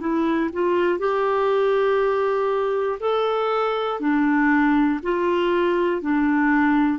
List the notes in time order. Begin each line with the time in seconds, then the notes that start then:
0.00 E4
0.53 F4
0.99 G4
3.00 A4
4.00 D4
5.03 F4
6.01 D4